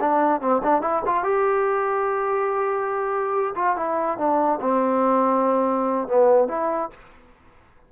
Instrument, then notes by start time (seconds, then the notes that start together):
trombone
0.00 D4
0.40 C4
0.63 D4
0.81 E4
1.05 F4
1.23 G4
3.55 F4
3.76 E4
4.17 D4
4.61 C4
6.08 B3
6.48 E4